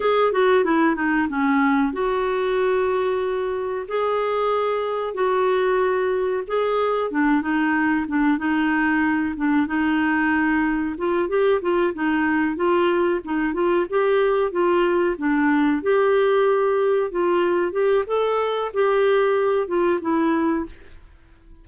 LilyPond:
\new Staff \with { instrumentName = "clarinet" } { \time 4/4 \tempo 4 = 93 gis'8 fis'8 e'8 dis'8 cis'4 fis'4~ | fis'2 gis'2 | fis'2 gis'4 d'8 dis'8~ | dis'8 d'8 dis'4. d'8 dis'4~ |
dis'4 f'8 g'8 f'8 dis'4 f'8~ | f'8 dis'8 f'8 g'4 f'4 d'8~ | d'8 g'2 f'4 g'8 | a'4 g'4. f'8 e'4 | }